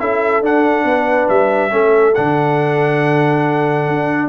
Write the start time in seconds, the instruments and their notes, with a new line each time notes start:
0.00 tuba C#4, trombone E4, horn A4, trumpet E5
0.42 tuba D4, trombone D4, trumpet F#5
0.84 tuba B3, horn B4
1.29 tuba G3, trumpet E5
1.71 tuba A3, trombone C#4, horn A4
2.15 tuba D3, trombone D4, trumpet F#5
3.88 tuba D4